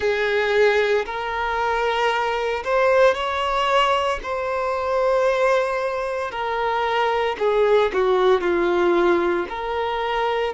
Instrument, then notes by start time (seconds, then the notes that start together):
violin
0.00 G#4
1.05 A#4
2.64 C5
3.14 C#5
4.22 C5
6.31 A#4
7.38 G#4
7.93 F#4
8.41 F4
9.49 A#4